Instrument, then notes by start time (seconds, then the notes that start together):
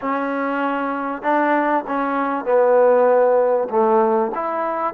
trombone
0.01 C#4
1.22 D4
1.87 C#4
2.44 B3
3.69 A3
4.34 E4